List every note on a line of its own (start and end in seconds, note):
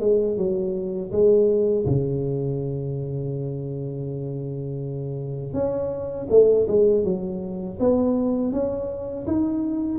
0.00 0.37 G#3
0.37 1.11 F#3
1.11 1.86 G#3
1.86 5.53 C#3
5.53 6.27 C#4
6.30 6.67 A3
6.68 7.04 G#3
7.04 7.78 F#3
7.79 8.52 B3
8.52 9.26 C#4
9.27 9.99 D#4